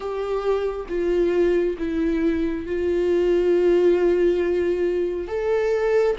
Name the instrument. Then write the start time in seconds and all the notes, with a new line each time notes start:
viola
0.00 G4
0.88 F4
1.78 E4
2.66 F4
5.27 A4